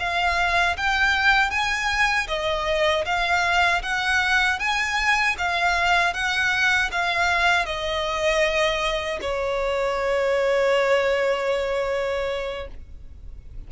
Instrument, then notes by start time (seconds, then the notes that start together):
violin
0.00 F5
0.77 G5
1.51 G#5
2.28 D#5
3.05 F5
3.83 F#5
4.59 G#5
5.38 F5
6.14 F#5
6.92 F5
7.66 D#5
9.22 C#5